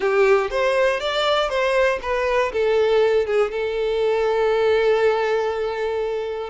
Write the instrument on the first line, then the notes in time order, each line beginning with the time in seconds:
violin
0.00 G4
0.50 C5
1.00 D5
1.49 C5
2.02 B4
2.52 A4
3.26 G#4
3.51 A4